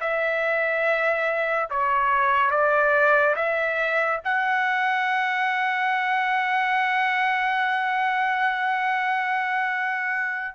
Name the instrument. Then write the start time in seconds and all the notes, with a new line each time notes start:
trumpet
0.00 E5
1.70 C#5
2.50 D5
3.36 E5
4.24 F#5